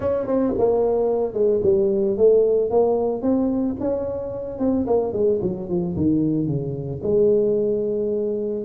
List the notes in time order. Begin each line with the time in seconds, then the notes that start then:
0.00 C#4
0.26 C4
0.57 A#3
1.33 G#3
1.63 G3
2.17 A3
2.70 A#3
3.22 C4
3.80 C#4
4.58 C4
4.86 A#3
5.12 G#3
5.42 F#3
5.69 F3
5.96 D#3
6.46 C#3
7.02 G#3